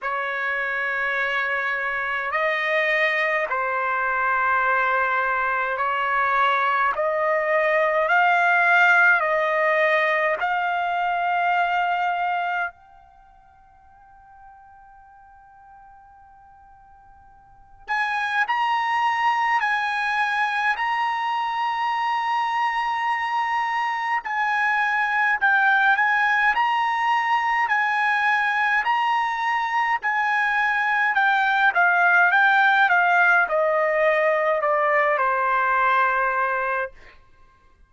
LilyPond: \new Staff \with { instrumentName = "trumpet" } { \time 4/4 \tempo 4 = 52 cis''2 dis''4 c''4~ | c''4 cis''4 dis''4 f''4 | dis''4 f''2 g''4~ | g''2.~ g''8 gis''8 |
ais''4 gis''4 ais''2~ | ais''4 gis''4 g''8 gis''8 ais''4 | gis''4 ais''4 gis''4 g''8 f''8 | g''8 f''8 dis''4 d''8 c''4. | }